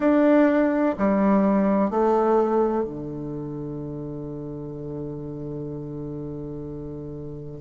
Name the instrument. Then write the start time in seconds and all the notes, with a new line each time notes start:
bassoon
0.00 D4
0.98 G3
1.90 A3
2.84 D3